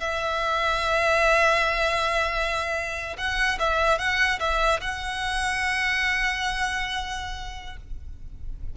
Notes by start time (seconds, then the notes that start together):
0.00 E5
3.18 F#5
3.59 E5
3.99 F#5
4.40 E5
4.81 F#5